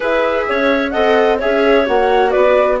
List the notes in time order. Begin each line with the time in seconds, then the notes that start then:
0.00 E4 G#4 B4 E5
0.48 C#4 C#5
0.89 C4 A4 D#5 F#5
1.38 C#4 G#4 C#5 E5
1.86 A#3 F#4 F#5
2.30 B3 B4 D5